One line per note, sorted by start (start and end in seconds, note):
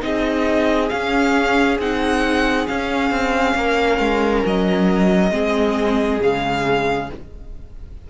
0.00 0.91 C4
0.00 0.88 D#4
0.00 3.57 G#4
0.00 0.89 D#5
0.89 1.79 C#4
0.89 1.81 C#4
0.89 1.78 F5
1.79 2.67 C4
1.79 2.68 D#4
1.79 2.68 F#5
2.68 5.31 C#4
2.68 3.11 C#4
2.68 4.44 F5
3.11 3.55 C4
3.55 3.99 A#3
3.55 5.33 A#4
3.99 4.43 G#3
4.46 5.31 F#3
4.46 6.22 D#5
5.31 6.20 G#3
5.31 6.20 C4
5.31 7.10 G#4
6.21 7.10 C#3
6.21 7.10 G#3
6.21 7.11 F5